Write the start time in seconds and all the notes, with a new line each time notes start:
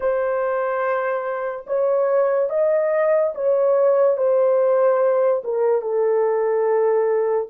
0.00 C5
1.67 C#5
2.49 D#5
3.34 C#5
4.17 C5
5.44 A#4
5.81 A4